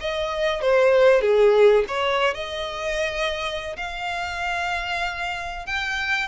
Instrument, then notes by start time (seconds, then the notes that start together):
violin
0.00 D#5
0.61 C5
1.21 G#4
1.87 C#5
2.34 D#5
3.76 F5
5.66 G5